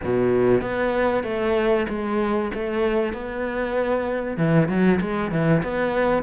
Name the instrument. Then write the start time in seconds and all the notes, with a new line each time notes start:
cello
0.04 B2
0.61 B3
1.23 A3
1.89 G#3
2.54 A3
3.13 B3
4.37 E3
4.68 F#3
5.00 G#3
5.31 E3
5.63 B3